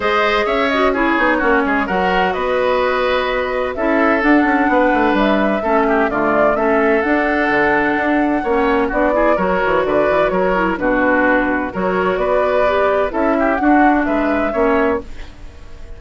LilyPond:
<<
  \new Staff \with { instrumentName = "flute" } { \time 4/4 \tempo 4 = 128 dis''4 e''8 dis''8 cis''2 | fis''4 dis''2. | e''4 fis''2 e''4~ | e''4 d''4 e''4 fis''4~ |
fis''2. d''4 | cis''4 d''4 cis''4 b'4~ | b'4 cis''4 d''2 | e''4 fis''4 e''2 | }
  \new Staff \with { instrumentName = "oboe" } { \time 4/4 c''4 cis''4 gis'4 fis'8 gis'8 | ais'4 b'2. | a'2 b'2 | a'8 g'8 f'4 a'2~ |
a'2 cis''4 fis'8 gis'8 | ais'4 b'4 ais'4 fis'4~ | fis'4 ais'4 b'2 | a'8 g'8 fis'4 b'4 cis''4 | }
  \new Staff \with { instrumentName = "clarinet" } { \time 4/4 gis'4. fis'8 e'8 dis'8 cis'4 | fis'1 | e'4 d'2. | cis'4 a4 cis'4 d'4~ |
d'2 cis'4 d'8 e'8 | fis'2~ fis'8 e'8 d'4~ | d'4 fis'2 g'4 | e'4 d'2 cis'4 | }
  \new Staff \with { instrumentName = "bassoon" } { \time 4/4 gis4 cis'4. b8 ais8 gis8 | fis4 b2. | cis'4 d'8 cis'8 b8 a8 g4 | a4 d4 a4 d'4 |
d4 d'4 ais4 b4 | fis8 e8 d8 e8 fis4 b,4~ | b,4 fis4 b2 | cis'4 d'4 gis4 ais4 | }
>>